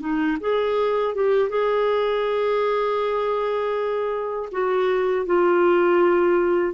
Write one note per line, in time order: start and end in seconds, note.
0.00 0.38 D#4
0.40 1.15 G#4
1.15 1.49 G4
1.49 4.49 G#4
4.51 5.26 F#4
5.26 6.74 F4